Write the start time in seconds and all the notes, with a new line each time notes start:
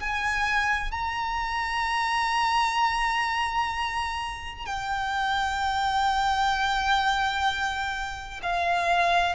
0.00 G#5
0.92 A#5
4.66 G5
8.43 F5